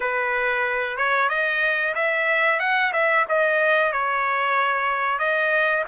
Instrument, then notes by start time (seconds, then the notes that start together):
trumpet
0.00 B4
0.97 C#5
1.29 D#5
1.94 E5
2.59 F#5
2.93 E5
3.28 D#5
3.92 C#5
5.18 D#5